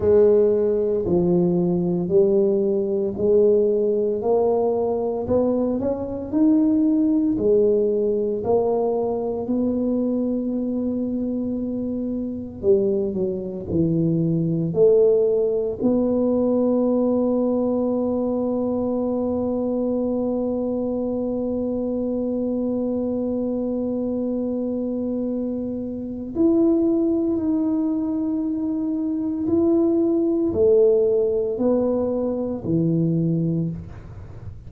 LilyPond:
\new Staff \with { instrumentName = "tuba" } { \time 4/4 \tempo 4 = 57 gis4 f4 g4 gis4 | ais4 b8 cis'8 dis'4 gis4 | ais4 b2. | g8 fis8 e4 a4 b4~ |
b1~ | b1~ | b4 e'4 dis'2 | e'4 a4 b4 e4 | }